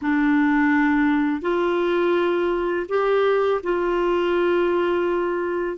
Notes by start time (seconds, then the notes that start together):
0.01 D4
1.41 F4
2.88 G4
3.63 F4